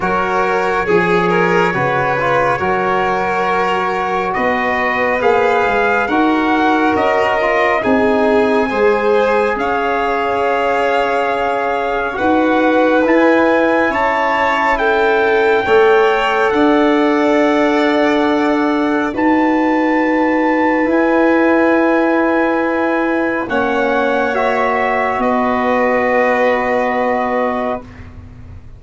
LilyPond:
<<
  \new Staff \with { instrumentName = "trumpet" } { \time 4/4 \tempo 4 = 69 cis''1~ | cis''4 dis''4 f''4 fis''4 | dis''4 gis''2 f''4~ | f''2 fis''4 gis''4 |
a''4 g''2 fis''4~ | fis''2 a''2 | gis''2. fis''4 | e''4 dis''2. | }
  \new Staff \with { instrumentName = "violin" } { \time 4/4 ais'4 gis'8 ais'8 b'4 ais'4~ | ais'4 b'2 ais'4~ | ais'4 gis'4 c''4 cis''4~ | cis''2 b'2 |
cis''4 a'4 cis''4 d''4~ | d''2 b'2~ | b'2. cis''4~ | cis''4 b'2. | }
  \new Staff \with { instrumentName = "trombone" } { \time 4/4 fis'4 gis'4 fis'8 f'8 fis'4~ | fis'2 gis'4 fis'4~ | fis'8 f'8 dis'4 gis'2~ | gis'2 fis'4 e'4~ |
e'2 a'2~ | a'2 fis'2 | e'2. cis'4 | fis'1 | }
  \new Staff \with { instrumentName = "tuba" } { \time 4/4 fis4 f4 cis4 fis4~ | fis4 b4 ais8 gis8 dis'4 | cis'4 c'4 gis4 cis'4~ | cis'2 dis'4 e'4 |
cis'2 a4 d'4~ | d'2 dis'2 | e'2. ais4~ | ais4 b2. | }
>>